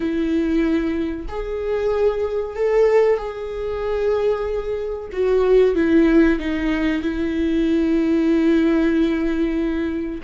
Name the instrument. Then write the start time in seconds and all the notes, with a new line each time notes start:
viola
0.00 E4
1.28 G#4
2.55 A4
3.17 G#4
5.12 F#4
5.75 E4
6.39 D#4
7.02 E4